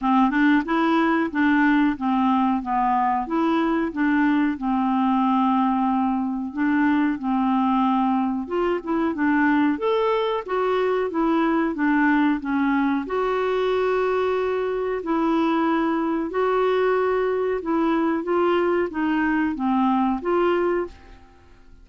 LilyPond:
\new Staff \with { instrumentName = "clarinet" } { \time 4/4 \tempo 4 = 92 c'8 d'8 e'4 d'4 c'4 | b4 e'4 d'4 c'4~ | c'2 d'4 c'4~ | c'4 f'8 e'8 d'4 a'4 |
fis'4 e'4 d'4 cis'4 | fis'2. e'4~ | e'4 fis'2 e'4 | f'4 dis'4 c'4 f'4 | }